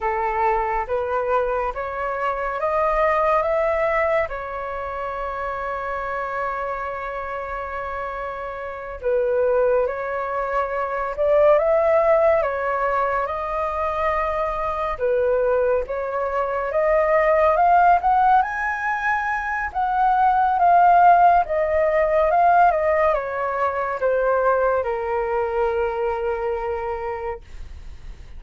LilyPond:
\new Staff \with { instrumentName = "flute" } { \time 4/4 \tempo 4 = 70 a'4 b'4 cis''4 dis''4 | e''4 cis''2.~ | cis''2~ cis''8 b'4 cis''8~ | cis''4 d''8 e''4 cis''4 dis''8~ |
dis''4. b'4 cis''4 dis''8~ | dis''8 f''8 fis''8 gis''4. fis''4 | f''4 dis''4 f''8 dis''8 cis''4 | c''4 ais'2. | }